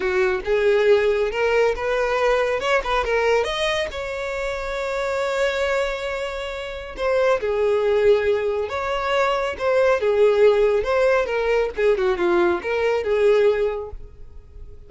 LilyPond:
\new Staff \with { instrumentName = "violin" } { \time 4/4 \tempo 4 = 138 fis'4 gis'2 ais'4 | b'2 cis''8 b'8 ais'4 | dis''4 cis''2.~ | cis''1 |
c''4 gis'2. | cis''2 c''4 gis'4~ | gis'4 c''4 ais'4 gis'8 fis'8 | f'4 ais'4 gis'2 | }